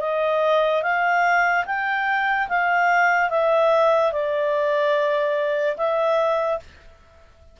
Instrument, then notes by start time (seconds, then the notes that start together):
clarinet
0.00 D#5
0.83 F5
1.66 G5
2.48 F5
3.30 E5
4.12 D5
5.77 E5